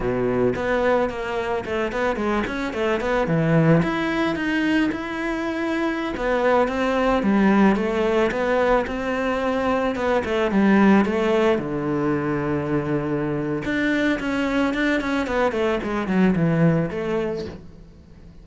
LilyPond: \new Staff \with { instrumentName = "cello" } { \time 4/4 \tempo 4 = 110 b,4 b4 ais4 a8 b8 | gis8 cis'8 a8 b8 e4 e'4 | dis'4 e'2~ e'16 b8.~ | b16 c'4 g4 a4 b8.~ |
b16 c'2 b8 a8 g8.~ | g16 a4 d2~ d8.~ | d4 d'4 cis'4 d'8 cis'8 | b8 a8 gis8 fis8 e4 a4 | }